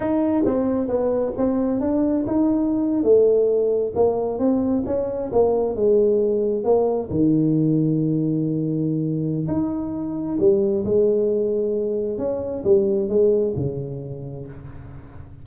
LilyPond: \new Staff \with { instrumentName = "tuba" } { \time 4/4 \tempo 4 = 133 dis'4 c'4 b4 c'4 | d'4 dis'4.~ dis'16 a4~ a16~ | a8. ais4 c'4 cis'4 ais16~ | ais8. gis2 ais4 dis16~ |
dis1~ | dis4 dis'2 g4 | gis2. cis'4 | g4 gis4 cis2 | }